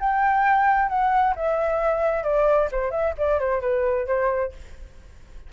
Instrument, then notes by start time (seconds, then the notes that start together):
flute
0.00 G5
0.89 F#5
1.36 E5
2.24 D5
2.72 C5
2.92 E5
3.18 D5
3.40 C5
3.61 B4
4.07 C5